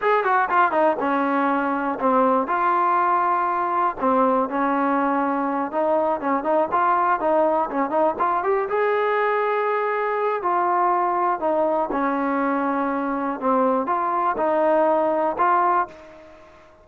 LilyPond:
\new Staff \with { instrumentName = "trombone" } { \time 4/4 \tempo 4 = 121 gis'8 fis'8 f'8 dis'8 cis'2 | c'4 f'2. | c'4 cis'2~ cis'8 dis'8~ | dis'8 cis'8 dis'8 f'4 dis'4 cis'8 |
dis'8 f'8 g'8 gis'2~ gis'8~ | gis'4 f'2 dis'4 | cis'2. c'4 | f'4 dis'2 f'4 | }